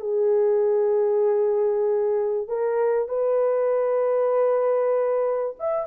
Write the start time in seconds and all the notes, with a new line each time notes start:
0.00 G#4
2.47 A#4
3.08 B4
5.59 E5